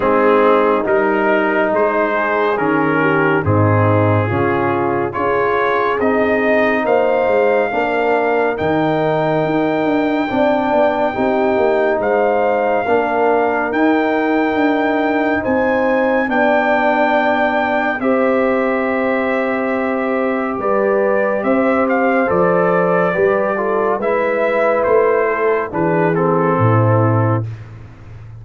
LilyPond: <<
  \new Staff \with { instrumentName = "trumpet" } { \time 4/4 \tempo 4 = 70 gis'4 ais'4 c''4 ais'4 | gis'2 cis''4 dis''4 | f''2 g''2~ | g''2 f''2 |
g''2 gis''4 g''4~ | g''4 e''2. | d''4 e''8 f''8 d''2 | e''4 c''4 b'8 a'4. | }
  \new Staff \with { instrumentName = "horn" } { \time 4/4 dis'2~ dis'8 gis'4 g'8 | dis'4 f'4 gis'2 | c''4 ais'2. | d''4 g'4 c''4 ais'4~ |
ais'2 c''4 d''4~ | d''4 c''2. | b'4 c''2 b'8 a'8 | b'4. a'8 gis'4 e'4 | }
  \new Staff \with { instrumentName = "trombone" } { \time 4/4 c'4 dis'2 cis'4 | c'4 cis'4 f'4 dis'4~ | dis'4 d'4 dis'2 | d'4 dis'2 d'4 |
dis'2. d'4~ | d'4 g'2.~ | g'2 a'4 g'8 f'8 | e'2 d'8 c'4. | }
  \new Staff \with { instrumentName = "tuba" } { \time 4/4 gis4 g4 gis4 dis4 | gis,4 cis4 cis'4 c'4 | ais8 gis8 ais4 dis4 dis'8 d'8 | c'8 b8 c'8 ais8 gis4 ais4 |
dis'4 d'4 c'4 b4~ | b4 c'2. | g4 c'4 f4 g4 | gis4 a4 e4 a,4 | }
>>